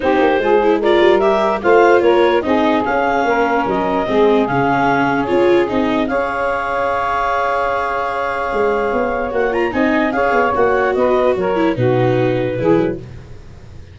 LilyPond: <<
  \new Staff \with { instrumentName = "clarinet" } { \time 4/4 \tempo 4 = 148 c''2 d''4 e''4 | f''4 cis''4 dis''4 f''4~ | f''4 dis''2 f''4~ | f''4 cis''4 dis''4 f''4~ |
f''1~ | f''2. fis''8 ais''8 | gis''4 f''4 fis''4 dis''4 | cis''4 b'2. | }
  \new Staff \with { instrumentName = "saxophone" } { \time 4/4 g'4 gis'4 ais'2 | c''4 ais'4 gis'2 | ais'2 gis'2~ | gis'2. cis''4~ |
cis''1~ | cis''1 | dis''4 cis''2 b'4 | ais'4 fis'2 gis'4 | }
  \new Staff \with { instrumentName = "viola" } { \time 4/4 dis'4 f'8 e'8 f'4 g'4 | f'2 dis'4 cis'4~ | cis'2 c'4 cis'4~ | cis'4 f'4 dis'4 gis'4~ |
gis'1~ | gis'2. fis'8 f'8 | dis'4 gis'4 fis'2~ | fis'8 e'8 dis'2 e'4 | }
  \new Staff \with { instrumentName = "tuba" } { \time 4/4 c'8 ais8 gis4. g4. | a4 ais4 c'4 cis'4 | ais4 fis4 gis4 cis4~ | cis4 cis'4 c'4 cis'4~ |
cis'1~ | cis'4 gis4 b4 ais4 | c'4 cis'8 b8 ais4 b4 | fis4 b,2 e8 fis8 | }
>>